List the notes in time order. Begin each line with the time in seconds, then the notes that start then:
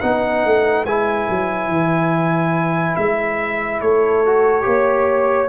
0.00 B3 D#4 B4 F#5
0.45 A3
0.85 G#3 E4 G#5
1.29 F#3
1.68 E3
2.96 G#3 E5
3.81 A3 A4 C#5
4.25 F#4
4.62 A#3 G4 C#5